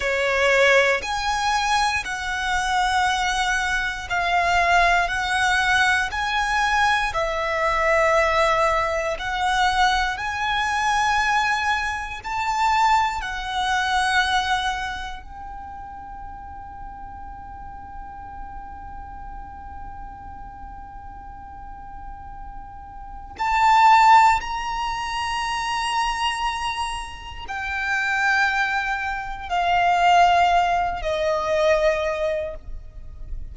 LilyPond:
\new Staff \with { instrumentName = "violin" } { \time 4/4 \tempo 4 = 59 cis''4 gis''4 fis''2 | f''4 fis''4 gis''4 e''4~ | e''4 fis''4 gis''2 | a''4 fis''2 g''4~ |
g''1~ | g''2. a''4 | ais''2. g''4~ | g''4 f''4. dis''4. | }